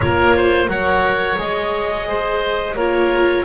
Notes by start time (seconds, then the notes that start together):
0.00 A#3 F4 A#4 C#5
0.36 C5
0.67 F#3 A#4 C#5 F#5
1.37 G#3 G#4 D#5
2.07 C5
2.76 A#3 F4 A#4 C#5